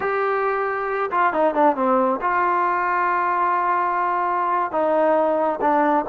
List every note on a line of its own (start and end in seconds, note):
0.00 1.10 G4
1.11 1.33 F4
1.33 1.54 D#4
1.54 1.76 D4
1.76 2.20 C4
2.21 4.71 F4
4.71 5.59 D#4
5.61 6.05 D4